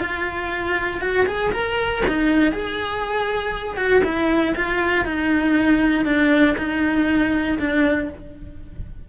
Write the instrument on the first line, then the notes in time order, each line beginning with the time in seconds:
cello
0.00 F4
1.01 F#4
1.27 G#4
1.52 A#4
2.08 D#4
2.52 G#4
3.77 F#4
4.04 E4
4.56 F4
5.05 D#4
6.05 D4
6.58 D#4
7.59 D4